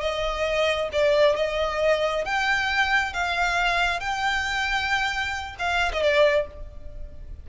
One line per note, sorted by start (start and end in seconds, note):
0.00 0.89 D#5
0.92 1.36 D5
1.36 2.24 D#5
2.25 3.13 G5
3.13 4.00 F5
4.00 5.55 G5
5.59 5.92 F5
5.92 6.02 D#5
6.02 6.46 D5